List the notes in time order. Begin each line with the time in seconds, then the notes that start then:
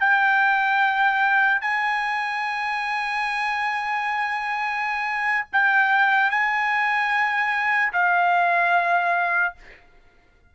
0.00 G5
1.61 G#5
5.52 G5
6.30 G#5
7.93 F5